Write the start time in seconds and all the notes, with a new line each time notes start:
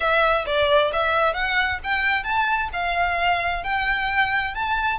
0.00 E5
0.45 D5
0.92 E5
1.33 F#5
1.83 G5
2.23 A5
2.73 F5
3.63 G5
4.54 A5